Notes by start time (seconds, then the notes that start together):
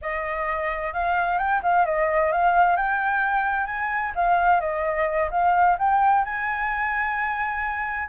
0.01 D#5
0.93 F5
1.38 G5
1.63 F5
1.85 D#5
2.32 F5
2.76 G5
3.66 G#5
4.15 F5
4.60 D#5
5.31 F5
5.78 G5
6.24 G#5